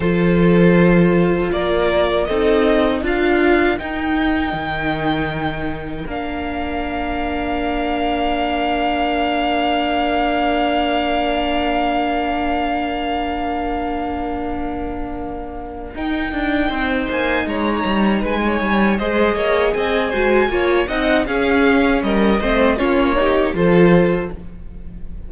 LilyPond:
<<
  \new Staff \with { instrumentName = "violin" } { \time 4/4 \tempo 4 = 79 c''2 d''4 dis''4 | f''4 g''2. | f''1~ | f''1~ |
f''1~ | f''4 g''4. gis''8 ais''4 | gis''4 dis''4 gis''4. fis''8 | f''4 dis''4 cis''4 c''4 | }
  \new Staff \with { instrumentName = "violin" } { \time 4/4 a'2 ais'4 a'4 | ais'1~ | ais'1~ | ais'1~ |
ais'1~ | ais'2 c''4 cis''4 | b'16 cis''8. c''8 cis''8 dis''8 c''8 cis''8 dis''8 | gis'4 ais'8 c''8 f'8 g'8 a'4 | }
  \new Staff \with { instrumentName = "viola" } { \time 4/4 f'2. dis'4 | f'4 dis'2. | d'1~ | d'1~ |
d'1~ | d'4 dis'2.~ | dis'4 gis'4. fis'8 f'8 dis'8 | cis'4. c'8 cis'8 dis'8 f'4 | }
  \new Staff \with { instrumentName = "cello" } { \time 4/4 f2 ais4 c'4 | d'4 dis'4 dis2 | ais1~ | ais1~ |
ais1~ | ais4 dis'8 d'8 c'8 ais8 gis8 g8 | gis8 g8 gis8 ais8 c'8 gis8 ais8 c'8 | cis'4 g8 a8 ais4 f4 | }
>>